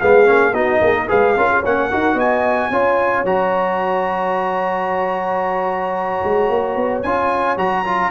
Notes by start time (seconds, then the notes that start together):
0.00 G#3 B3 G#4 F5
0.25 A#3 C#4
0.53 B3 D#4 F#4 D#5
0.81 A#3 G#4
0.95 A#4
1.07 G#3 G#4 B4 F5
1.36 C#4 F4 A#4
1.50 G#4
1.60 A#3 C#4 C#5 F#5
1.89 D#4 F#4 A#4
2.14 B3 D#5 G#5
2.70 C#4 F4 C#5
3.24 F#3 F#4 A#5
6.24 G#3
6.49 A#3
6.76 B3
7.02 C#4 F4 G#5
7.56 F#3 F#4 A#5
7.85 F4